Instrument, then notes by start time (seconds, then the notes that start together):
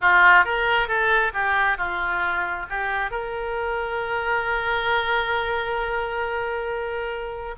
oboe
0.01 F4
0.44 A#4
0.88 A4
1.33 G4
1.77 F4
2.69 G4
3.11 A#4